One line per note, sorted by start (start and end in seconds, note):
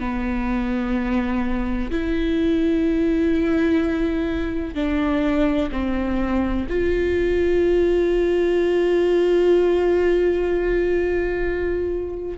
0.00 1.90 B3
1.91 4.75 E4
4.75 5.70 D4
5.71 6.67 C4
6.69 12.39 F4